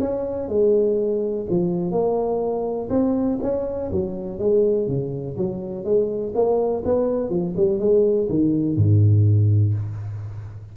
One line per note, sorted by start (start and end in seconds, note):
0.00 0.49 C#4
0.49 1.46 G#3
1.50 1.91 F3
1.91 2.89 A#3
2.90 3.39 C4
3.42 3.91 C#4
3.91 4.39 F#3
4.39 4.88 G#3
4.88 5.36 C#3
5.37 5.84 F#3
5.84 6.33 G#3
6.35 6.83 A#3
6.85 7.30 B3
7.30 7.54 F3
7.57 7.79 G3
7.79 8.28 G#3
8.29 8.76 D#3
8.76 9.74 G#2